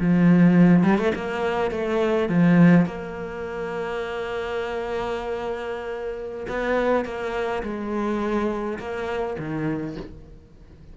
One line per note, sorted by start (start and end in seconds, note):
0.00 0.84 F3
0.84 0.98 G3
0.99 1.13 A3
1.15 1.72 A#3
1.72 2.29 A3
2.29 2.86 F3
2.86 6.47 A#3
6.49 7.05 B3
7.05 7.63 A#3
7.63 8.79 G#3
8.79 9.37 A#3
9.39 9.97 D#3